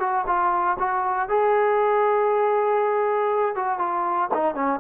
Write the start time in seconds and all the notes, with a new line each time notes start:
0.00 F#4
0.27 F4
0.80 F#4
1.29 G#4
3.56 F#4
3.79 F4
4.35 D#4
4.55 C#4